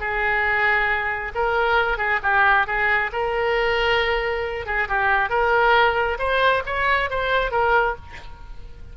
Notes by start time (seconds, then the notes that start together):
0.00 G#4
1.35 A#4
1.98 G#4
2.23 G4
2.67 G#4
3.12 A#4
4.66 G#4
4.89 G4
5.30 A#4
6.19 C5
6.66 C#5
7.10 C5
7.51 A#4